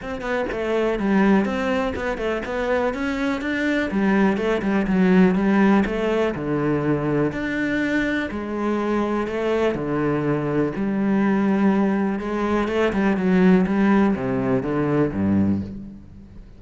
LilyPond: \new Staff \with { instrumentName = "cello" } { \time 4/4 \tempo 4 = 123 c'8 b8 a4 g4 c'4 | b8 a8 b4 cis'4 d'4 | g4 a8 g8 fis4 g4 | a4 d2 d'4~ |
d'4 gis2 a4 | d2 g2~ | g4 gis4 a8 g8 fis4 | g4 c4 d4 g,4 | }